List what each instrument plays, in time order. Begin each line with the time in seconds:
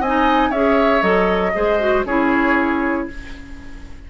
0.00 bassoon C4, clarinet D#4, oboe D#5, flute G#5
0.49 bassoon C#4, clarinet G#4, oboe C#5, flute E5
1.01 bassoon F#3, clarinet A4, flute D#5
1.54 bassoon G#3, clarinet G#4, oboe C5
1.79 clarinet F#4
2.05 bassoon C#4, clarinet E4, oboe G#4, flute C#5